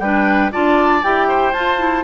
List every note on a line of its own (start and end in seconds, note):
0.00 0.51 G3
0.00 0.52 D4
0.00 0.52 B4
0.00 0.51 G5
0.52 1.04 D4
0.52 1.03 F4
0.52 1.29 D5
0.52 1.04 A5
1.03 1.53 E4
1.03 1.54 G4
1.03 1.53 G5
1.29 2.04 C5
1.53 2.04 F4
1.53 1.79 F4
1.53 2.04 A5
1.79 2.04 E4